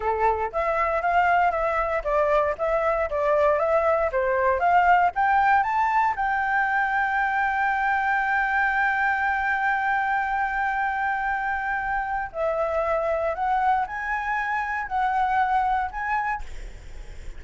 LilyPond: \new Staff \with { instrumentName = "flute" } { \time 4/4 \tempo 4 = 117 a'4 e''4 f''4 e''4 | d''4 e''4 d''4 e''4 | c''4 f''4 g''4 a''4 | g''1~ |
g''1~ | g''1 | e''2 fis''4 gis''4~ | gis''4 fis''2 gis''4 | }